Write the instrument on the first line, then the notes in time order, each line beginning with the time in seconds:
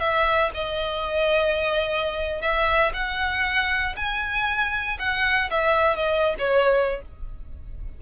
violin
0.00 E5
0.55 D#5
2.42 E5
2.94 F#5
3.97 G#5
4.99 F#5
5.51 E5
5.97 D#5
6.39 C#5